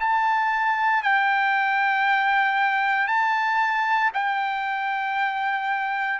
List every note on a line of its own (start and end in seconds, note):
0.00 1.03 A5
1.03 3.08 G5
3.08 4.11 A5
4.14 6.20 G5